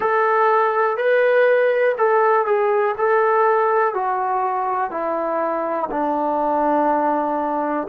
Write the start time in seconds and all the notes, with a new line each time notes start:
0.00 A4
0.97 B4
1.97 A4
2.46 G#4
2.97 A4
3.93 F#4
4.90 E4
5.90 D4